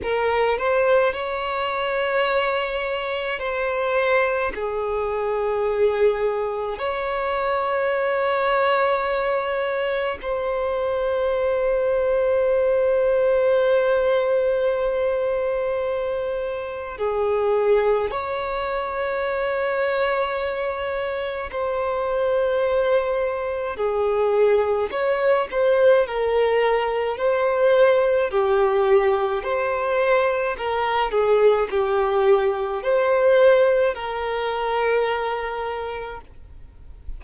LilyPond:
\new Staff \with { instrumentName = "violin" } { \time 4/4 \tempo 4 = 53 ais'8 c''8 cis''2 c''4 | gis'2 cis''2~ | cis''4 c''2.~ | c''2. gis'4 |
cis''2. c''4~ | c''4 gis'4 cis''8 c''8 ais'4 | c''4 g'4 c''4 ais'8 gis'8 | g'4 c''4 ais'2 | }